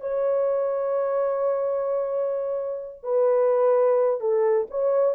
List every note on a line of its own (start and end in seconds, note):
0.00 3.03 C#5
3.03 4.20 B4
4.20 4.67 A4
4.70 5.15 C#5